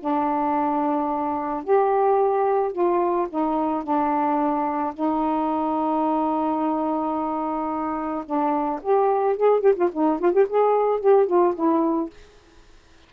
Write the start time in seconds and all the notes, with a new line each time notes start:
0.00 D4
1.64 G4
2.72 F4
3.29 D#4
3.84 D4
4.94 D#4
8.25 D4
8.82 G4
9.37 G#4
9.61 G4
9.76 F4
9.93 D#4
10.20 F4
10.33 G4
10.49 G#4
11.00 G4
11.27 F4
11.55 E4